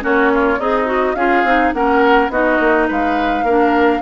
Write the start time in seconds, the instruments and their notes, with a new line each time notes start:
0.00 bassoon A#3, clarinet C#4, oboe F#4, flute C#5
0.34 oboe F4
0.58 bassoon C4, oboe D#4, clarinet G#4, flute D#5
0.86 clarinet F#4
1.15 bassoon C#4, clarinet F4, oboe G#4, flute F5
1.44 bassoon C4, clarinet D#4
1.73 bassoon A#3, clarinet C#4, oboe A#4, flute F#5
2.29 bassoon B3, clarinet D#4, oboe F#4, flute D#5
2.60 bassoon A#3
2.87 bassoon G#3, oboe B4, flute F5
3.43 bassoon A#3, clarinet D4, oboe A#4